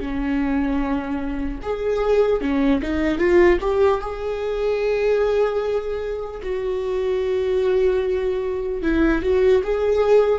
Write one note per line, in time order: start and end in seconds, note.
0.00 1.60 C#4
1.63 2.41 G#4
2.41 2.81 C#4
2.82 3.19 D#4
3.19 3.59 F4
3.61 4.01 G4
4.01 6.41 G#4
6.43 8.83 F#4
8.83 9.23 E4
9.23 9.63 F#4
9.63 10.39 G#4